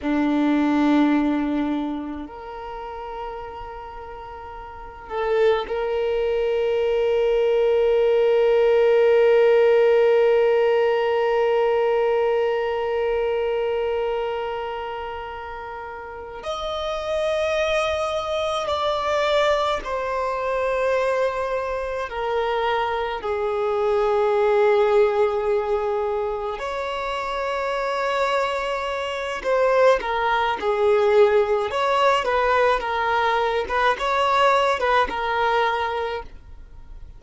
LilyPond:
\new Staff \with { instrumentName = "violin" } { \time 4/4 \tempo 4 = 53 d'2 ais'2~ | ais'8 a'8 ais'2.~ | ais'1~ | ais'2~ ais'8 dis''4.~ |
dis''8 d''4 c''2 ais'8~ | ais'8 gis'2. cis''8~ | cis''2 c''8 ais'8 gis'4 | cis''8 b'8 ais'8. b'16 cis''8. b'16 ais'4 | }